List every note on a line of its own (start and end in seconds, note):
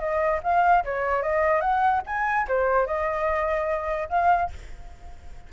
0.00 0.41 D#5
0.44 0.85 F5
0.85 1.23 C#5
1.23 1.61 D#5
1.61 2.02 F#5
2.07 2.48 G#5
2.49 2.87 C5
2.87 4.09 D#5
4.10 4.50 F5